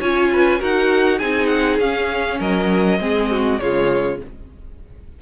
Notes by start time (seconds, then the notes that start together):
0.00 C#4 F4 C#5 G#5
0.33 B4
0.59 D#4 F#4 A#4 F#5
1.19 C4 D#4 G#4 G#5
1.47 F#5
1.79 C#4 F5
2.39 F#3 A#4 D#5
3.00 G#3 C4 G#4
3.31 F#4
3.59 C#3 G#3 F4 C#5